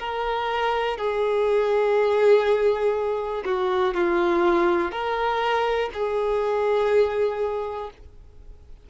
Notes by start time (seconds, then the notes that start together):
0.00 A#4
0.98 G#4
3.45 F#4
3.94 F4
4.92 A#4
5.94 G#4